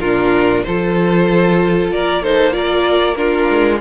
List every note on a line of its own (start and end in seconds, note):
0.00 0.64 A#2
0.00 0.66 D4
0.00 0.63 F4
0.00 0.63 A#4
0.63 1.93 F3
0.63 2.24 F4
0.63 1.94 A4
0.63 1.89 C5
1.92 3.50 A#3
1.92 2.22 A#4
1.92 2.24 D5
2.22 2.52 D#4
2.22 2.54 A4
2.22 2.53 C5
2.52 3.15 F4
2.52 3.18 A#4
2.52 3.15 D5
3.15 3.80 D4
3.15 3.81 F4
3.15 3.78 A#4
3.50 3.81 G#3